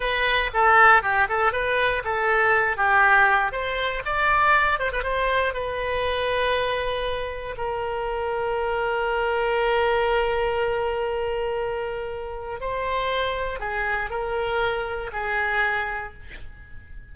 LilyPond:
\new Staff \with { instrumentName = "oboe" } { \time 4/4 \tempo 4 = 119 b'4 a'4 g'8 a'8 b'4 | a'4. g'4. c''4 | d''4. c''16 b'16 c''4 b'4~ | b'2. ais'4~ |
ais'1~ | ais'1~ | ais'4 c''2 gis'4 | ais'2 gis'2 | }